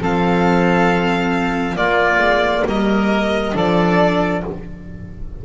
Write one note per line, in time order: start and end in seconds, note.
0.00 1.76 F3
0.00 1.75 C4
0.00 1.76 A4
0.00 1.76 F5
1.75 3.51 A#3
1.75 2.19 A#3
1.75 2.65 F4
1.75 2.64 D5
2.19 2.63 G#3
2.65 3.53 G3
2.65 3.55 A#4
2.65 3.56 D#5
3.52 4.43 F3
3.52 4.41 D4
3.52 4.43 A4
3.52 4.45 D5